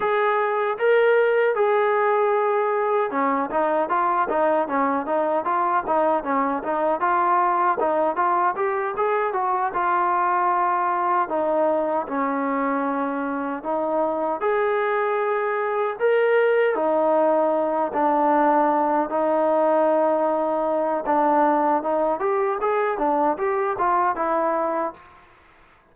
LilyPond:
\new Staff \with { instrumentName = "trombone" } { \time 4/4 \tempo 4 = 77 gis'4 ais'4 gis'2 | cis'8 dis'8 f'8 dis'8 cis'8 dis'8 f'8 dis'8 | cis'8 dis'8 f'4 dis'8 f'8 g'8 gis'8 | fis'8 f'2 dis'4 cis'8~ |
cis'4. dis'4 gis'4.~ | gis'8 ais'4 dis'4. d'4~ | d'8 dis'2~ dis'8 d'4 | dis'8 g'8 gis'8 d'8 g'8 f'8 e'4 | }